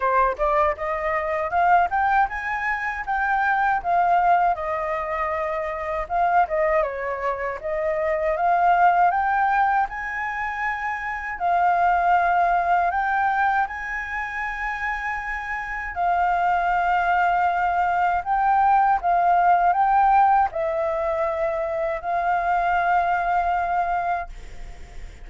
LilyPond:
\new Staff \with { instrumentName = "flute" } { \time 4/4 \tempo 4 = 79 c''8 d''8 dis''4 f''8 g''8 gis''4 | g''4 f''4 dis''2 | f''8 dis''8 cis''4 dis''4 f''4 | g''4 gis''2 f''4~ |
f''4 g''4 gis''2~ | gis''4 f''2. | g''4 f''4 g''4 e''4~ | e''4 f''2. | }